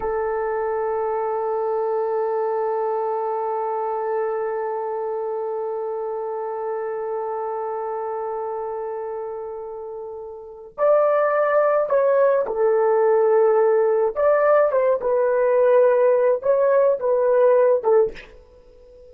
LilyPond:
\new Staff \with { instrumentName = "horn" } { \time 4/4 \tempo 4 = 106 a'1~ | a'1~ | a'1~ | a'1~ |
a'2. d''4~ | d''4 cis''4 a'2~ | a'4 d''4 c''8 b'4.~ | b'4 cis''4 b'4. a'8 | }